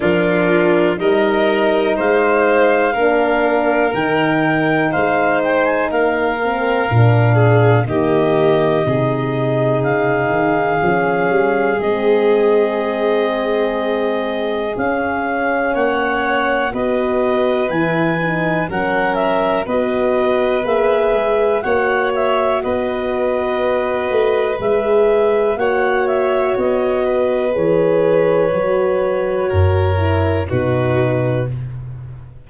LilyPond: <<
  \new Staff \with { instrumentName = "clarinet" } { \time 4/4 \tempo 4 = 61 ais'4 dis''4 f''2 | g''4 f''8 g''16 gis''16 f''2 | dis''2 f''2 | dis''2. f''4 |
fis''4 dis''4 gis''4 fis''8 e''8 | dis''4 e''4 fis''8 e''8 dis''4~ | dis''4 e''4 fis''8 e''8 dis''4 | cis''2. b'4 | }
  \new Staff \with { instrumentName = "violin" } { \time 4/4 f'4 ais'4 c''4 ais'4~ | ais'4 c''4 ais'4. gis'8 | g'4 gis'2.~ | gis'1 |
cis''4 b'2 ais'4 | b'2 cis''4 b'4~ | b'2 cis''4. b'8~ | b'2 ais'4 fis'4 | }
  \new Staff \with { instrumentName = "horn" } { \time 4/4 d'4 dis'2 d'4 | dis'2~ dis'8 c'8 d'4 | ais4 dis'2 cis'4 | c'2. cis'4~ |
cis'4 fis'4 e'8 dis'8 cis'4 | fis'4 gis'4 fis'2~ | fis'4 gis'4 fis'2 | gis'4 fis'4. e'8 dis'4 | }
  \new Staff \with { instrumentName = "tuba" } { \time 4/4 f4 g4 gis4 ais4 | dis4 gis4 ais4 ais,4 | dis4 c4 cis8 dis8 f8 g8 | gis2. cis'4 |
ais4 b4 e4 fis4 | b4 ais8 gis8 ais4 b4~ | b8 a8 gis4 ais4 b4 | e4 fis4 fis,4 b,4 | }
>>